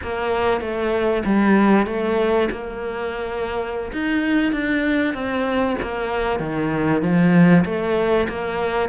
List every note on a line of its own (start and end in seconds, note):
0.02 0.60 A#3
0.60 1.23 A3
1.25 1.86 G3
1.86 2.49 A3
2.51 3.91 A#3
3.92 4.52 D#4
4.52 5.14 D4
5.14 5.76 C4
5.82 6.39 A#3
6.39 7.01 D#3
7.01 7.64 F3
7.65 8.27 A3
8.28 8.89 A#3